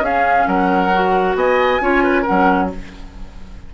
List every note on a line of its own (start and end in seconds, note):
0.00 0.44 C#4
0.00 0.92 C#4
0.00 0.48 G#4
0.00 0.47 F5
0.47 1.35 F#3
0.47 1.37 A#4
0.47 1.36 F#5
0.94 1.81 F#4
1.35 1.80 B3
1.35 1.82 D#5
1.35 2.25 G#5
1.81 2.25 C#4
1.81 2.25 F4
1.81 2.03 C#5
2.03 2.22 B4
2.22 2.70 C#4
2.22 2.66 A#4
2.22 2.70 F#5
2.30 2.74 F#3